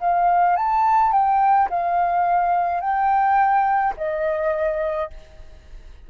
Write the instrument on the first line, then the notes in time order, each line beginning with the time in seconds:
flute
0.00 F5
0.56 A5
1.12 G5
1.70 F5
2.80 G5
3.97 D#5